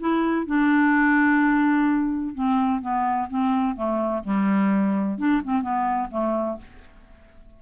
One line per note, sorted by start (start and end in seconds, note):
0.00 0.46 E4
0.46 2.35 D4
2.35 2.82 C4
2.82 3.29 B3
3.30 3.76 C4
3.76 4.23 A3
4.24 5.19 G3
5.19 5.42 D4
5.44 5.62 C4
5.62 6.09 B3
6.11 6.58 A3